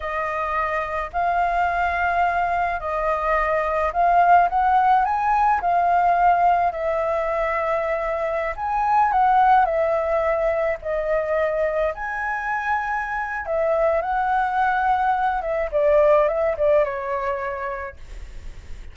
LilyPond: \new Staff \with { instrumentName = "flute" } { \time 4/4 \tempo 4 = 107 dis''2 f''2~ | f''4 dis''2 f''4 | fis''4 gis''4 f''2 | e''2.~ e''16 gis''8.~ |
gis''16 fis''4 e''2 dis''8.~ | dis''4~ dis''16 gis''2~ gis''8. | e''4 fis''2~ fis''8 e''8 | d''4 e''8 d''8 cis''2 | }